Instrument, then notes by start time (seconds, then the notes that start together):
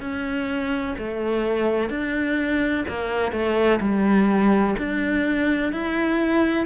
cello
0.00 C#4
0.98 A3
1.90 D4
2.88 A#3
3.32 A3
3.80 G3
4.78 D4
5.72 E4